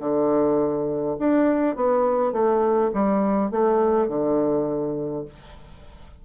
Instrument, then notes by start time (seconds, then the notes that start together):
bassoon
0.00 D3
1.19 D4
1.76 B3
2.33 A3
2.94 G3
3.51 A3
4.09 D3